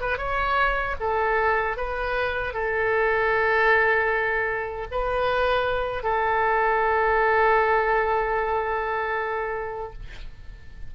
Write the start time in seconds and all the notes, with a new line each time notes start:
0.00 B4
0.17 C#5
1.00 A4
1.76 B4
2.53 A4
4.91 B4
6.03 A4